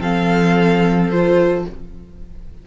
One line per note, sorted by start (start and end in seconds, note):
0.00 1.65 F3
0.00 1.12 C4
0.00 1.66 A4
0.00 1.10 F5
1.10 1.67 F4
1.10 1.65 C5